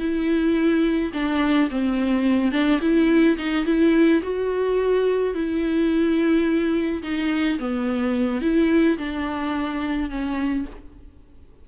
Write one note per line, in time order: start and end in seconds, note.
0.00 1.12 E4
1.14 1.70 D4
1.71 2.52 C4
2.52 2.80 D4
2.81 3.37 E4
3.38 3.66 D#4
3.66 4.22 E4
4.23 5.34 F#4
5.34 7.03 E4
7.03 7.59 D#4
7.59 8.42 B3
8.42 8.98 E4
8.98 10.10 D4
10.10 10.66 C#4